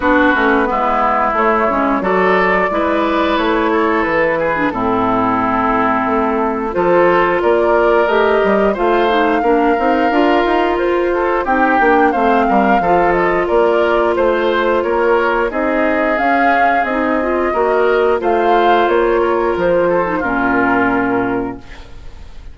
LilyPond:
<<
  \new Staff \with { instrumentName = "flute" } { \time 4/4 \tempo 4 = 89 b'2 cis''4 d''4~ | d''4 cis''4 b'4 a'4~ | a'2 c''4 d''4 | dis''4 f''2. |
c''4 g''4 f''4. dis''8 | d''4 c''4 cis''4 dis''4 | f''4 dis''2 f''4 | cis''4 c''4 ais'2 | }
  \new Staff \with { instrumentName = "oboe" } { \time 4/4 fis'4 e'2 a'4 | b'4. a'4 gis'8 e'4~ | e'2 a'4 ais'4~ | ais'4 c''4 ais'2~ |
ais'8 a'8 g'4 c''8 ais'8 a'4 | ais'4 c''4 ais'4 gis'4~ | gis'2 ais'4 c''4~ | c''8 ais'4 a'8 f'2 | }
  \new Staff \with { instrumentName = "clarinet" } { \time 4/4 d'8 cis'8 b4 a8 cis'8 fis'4 | e'2~ e'8. d'16 c'4~ | c'2 f'2 | g'4 f'8 dis'8 d'8 dis'8 f'4~ |
f'4 dis'8 d'8 c'4 f'4~ | f'2. dis'4 | cis'4 dis'8 f'8 fis'4 f'4~ | f'4.~ f'16 dis'16 cis'2 | }
  \new Staff \with { instrumentName = "bassoon" } { \time 4/4 b8 a8 gis4 a8 gis8 fis4 | gis4 a4 e4 a,4~ | a,4 a4 f4 ais4 | a8 g8 a4 ais8 c'8 d'8 dis'8 |
f'4 c'8 ais8 a8 g8 f4 | ais4 a4 ais4 c'4 | cis'4 c'4 ais4 a4 | ais4 f4 ais,2 | }
>>